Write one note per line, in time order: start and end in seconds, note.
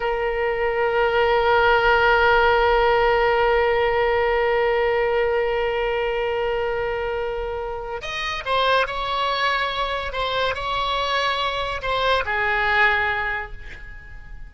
0.00 8.01 A#4
8.01 8.43 D#5
8.45 8.86 C5
8.86 10.12 C#5
10.12 10.54 C5
10.54 11.81 C#5
11.81 12.24 C5
12.25 13.52 G#4